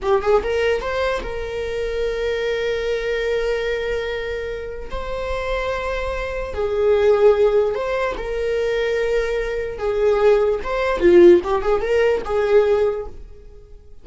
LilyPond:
\new Staff \with { instrumentName = "viola" } { \time 4/4 \tempo 4 = 147 g'8 gis'8 ais'4 c''4 ais'4~ | ais'1~ | ais'1 | c''1 |
gis'2. c''4 | ais'1 | gis'2 c''4 f'4 | g'8 gis'8 ais'4 gis'2 | }